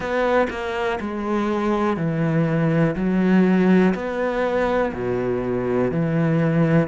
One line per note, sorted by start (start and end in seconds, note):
0.00 0.47 B3
0.50 0.99 A#3
1.00 1.96 G#3
1.96 2.95 E3
2.95 3.93 F#3
3.94 4.92 B3
4.94 5.91 B2
5.91 6.88 E3